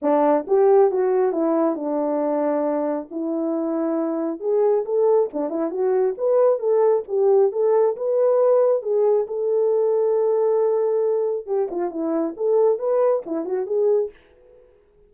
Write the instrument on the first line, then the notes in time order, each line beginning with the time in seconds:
horn
0.01 D4
0.47 G4
0.91 F#4
1.32 E4
1.75 D4
3.10 E4
4.40 G#4
4.85 A4
5.33 D4
5.49 E4
5.70 F#4
6.17 B4
6.59 A4
7.08 G4
7.51 A4
7.96 B4
8.82 G#4
9.27 A4
11.46 G4
11.70 F4
11.90 E4
12.36 A4
12.78 B4
13.26 E4
13.45 F#4
13.66 G#4